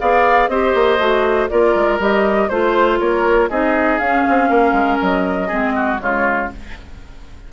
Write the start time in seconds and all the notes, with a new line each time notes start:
0.00 B3 G#4 D5 F5
0.48 C4 G4 C5 D#5
0.75 A#3
0.98 A3 F#4
1.49 A#3 F4 A#4 D5
1.75 G#3
1.99 G3 G4 D#5
2.49 A3 F4 C5
2.99 A#3 A#4 C#5
3.50 C4 D#4 G#4 D#5
3.99 C#4 F5
4.29 C4
4.50 A#3 A#4
4.72 G#3
5.02 F#3 D#5
5.48 G#3 C4 G#4
5.76 F#4
5.98 C#3 G#3 F4 C#5